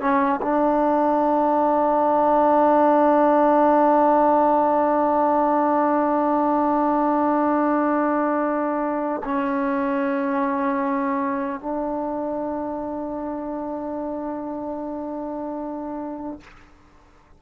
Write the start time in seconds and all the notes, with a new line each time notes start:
0.00 C#4
0.42 D4
9.24 C#4
11.60 D4